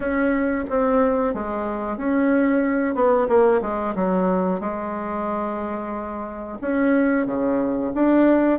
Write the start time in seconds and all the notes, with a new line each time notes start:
0.00 C#4
0.69 C4
1.34 G#3
1.97 C#4
2.94 B3
3.28 A#3
3.61 G#3
3.95 F#3
4.60 G#3
6.61 C#4
7.26 C#3
7.94 D4